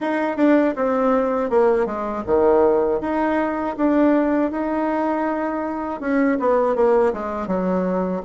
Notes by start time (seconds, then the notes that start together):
0.00 D#4
0.36 D4
0.75 C4
1.50 A#3
1.85 G#3
2.26 D#3
3.00 D#4
3.76 D4
4.51 D#4
6.00 C#4
6.40 B3
6.75 A#3
7.13 G#3
7.47 F#3